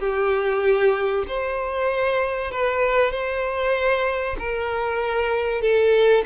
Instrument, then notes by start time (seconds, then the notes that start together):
violin
0.00 G4
1.28 C5
2.51 B4
3.12 C5
4.39 A#4
5.62 A4